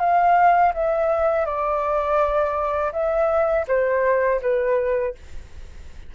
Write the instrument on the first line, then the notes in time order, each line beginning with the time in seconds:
flute
0.00 F5
0.74 E5
1.46 D5
2.93 E5
3.68 C5
4.42 B4